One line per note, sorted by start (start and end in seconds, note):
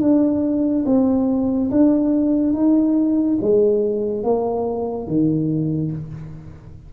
0.00 0.85 D4
0.85 1.70 C4
1.71 2.53 D4
2.53 3.38 D#4
3.41 4.23 G#3
4.23 5.07 A#3
5.07 5.92 D#3